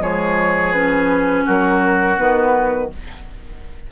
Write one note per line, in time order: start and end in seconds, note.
0.00 1.45 F3
0.00 0.72 G#3
0.00 1.46 G#4
0.00 0.73 C#5
0.73 2.17 C#4
0.73 1.45 B4
1.46 2.19 F#3
1.46 2.90 F#4
1.46 2.19 A#4
2.17 2.92 D#3
2.17 2.90 B3
2.17 2.91 B4